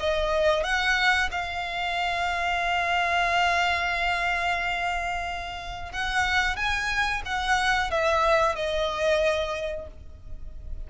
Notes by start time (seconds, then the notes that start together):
0.00 D#5
0.64 F#5
1.32 F5
5.93 F#5
6.57 G#5
7.26 F#5
7.91 E5
8.56 D#5